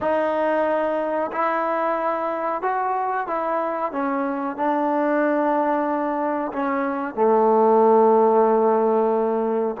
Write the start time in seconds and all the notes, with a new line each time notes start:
0.00 D#4
1.32 E4
2.61 F#4
3.27 E4
3.91 C#4
4.56 D4
6.52 C#4
7.14 A3